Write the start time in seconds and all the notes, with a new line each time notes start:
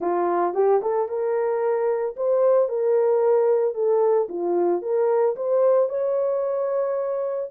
0.00 F4
0.54 G4
0.82 A4
1.08 A#4
2.16 C5
2.68 A#4
3.74 A4
4.29 F4
4.82 A#4
5.36 C5
5.89 C#5